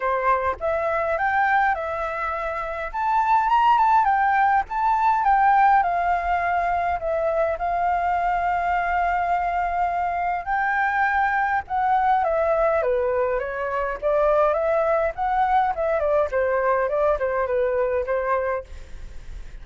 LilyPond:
\new Staff \with { instrumentName = "flute" } { \time 4/4 \tempo 4 = 103 c''4 e''4 g''4 e''4~ | e''4 a''4 ais''8 a''8 g''4 | a''4 g''4 f''2 | e''4 f''2.~ |
f''2 g''2 | fis''4 e''4 b'4 cis''4 | d''4 e''4 fis''4 e''8 d''8 | c''4 d''8 c''8 b'4 c''4 | }